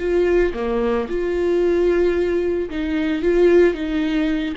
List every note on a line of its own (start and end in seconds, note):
0.00 0.54 F4
0.54 1.08 A#3
1.09 2.70 F4
2.70 3.23 D#4
3.23 3.75 F4
3.75 4.55 D#4